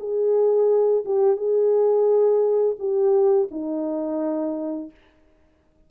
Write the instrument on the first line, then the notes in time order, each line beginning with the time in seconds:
horn
0.00 G#4
1.06 G4
1.37 G#4
2.79 G4
3.52 D#4